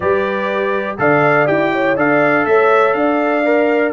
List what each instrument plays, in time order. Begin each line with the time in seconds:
0.00 tuba G3, trombone G4, horn B4, trumpet D5
0.98 tuba D3, trombone A4, horn D5, trumpet F5
1.46 tuba E4, trombone G4, trumpet G5
1.73 horn C#5
1.96 tuba D4, trombone A4, horn D5, trumpet F5
2.45 tuba A3, horn C#5, trumpet E5
2.93 tuba D4, horn D5, trumpet F5
3.44 trombone A#4